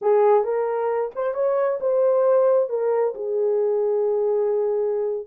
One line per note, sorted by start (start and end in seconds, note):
0.01 0.44 G#4
0.44 1.11 A#4
1.15 1.34 C5
1.34 1.78 C#5
1.80 2.69 C5
2.69 3.13 A#4
3.14 5.26 G#4